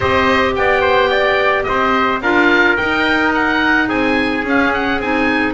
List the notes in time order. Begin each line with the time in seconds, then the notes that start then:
0.00 C4 G4 C5 D#5
0.55 B3 D5 G5
0.81 C5
1.10 D5
1.63 C4 C5 D#5
2.21 D4 F4 A#4 F5
2.77 D#4 G5
3.34 F#5
3.88 C4 G#4 G#5
4.44 C#4 F5
4.73 F#5
4.99 C4 D#4 G#5